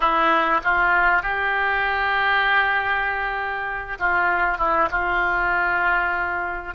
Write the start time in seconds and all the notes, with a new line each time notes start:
0.00 E4
0.63 F4
1.22 G4
3.99 F4
4.58 E4
4.90 F4